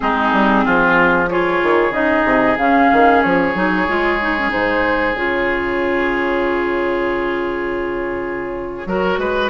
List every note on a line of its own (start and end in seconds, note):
0.00 0.32 G#3
0.00 1.27 C4
0.00 0.65 D#4
0.00 1.27 G#4
0.32 0.64 G3
0.65 1.62 F3
0.65 1.29 F4
1.28 1.92 F4
1.28 8.88 G#4
1.28 1.92 C#5
1.62 1.90 D#3
1.90 2.22 C#3
1.90 2.57 D#4
1.90 2.57 D#5
2.24 2.56 C3
2.58 2.90 C#3
2.58 3.54 C#4
2.58 3.22 F5
2.92 3.24 D#3
3.22 3.54 F3
3.22 4.51 C#5
3.54 3.86 F#3
3.54 3.87 D#4
3.87 4.51 G#3
3.87 4.20 F4
4.20 4.36 D#4
4.38 4.49 C#4
4.49 5.13 G#2
4.49 5.13 D#4
4.49 5.16 C5
5.13 8.84 C#3
5.13 8.87 F4
5.13 9.49 C#5
8.85 9.17 F#3
8.85 9.49 F#4
8.85 9.19 A#4
9.17 9.49 G#3
9.17 9.49 B4